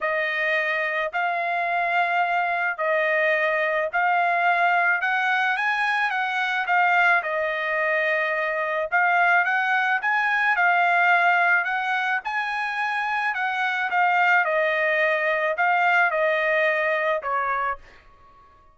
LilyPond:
\new Staff \with { instrumentName = "trumpet" } { \time 4/4 \tempo 4 = 108 dis''2 f''2~ | f''4 dis''2 f''4~ | f''4 fis''4 gis''4 fis''4 | f''4 dis''2. |
f''4 fis''4 gis''4 f''4~ | f''4 fis''4 gis''2 | fis''4 f''4 dis''2 | f''4 dis''2 cis''4 | }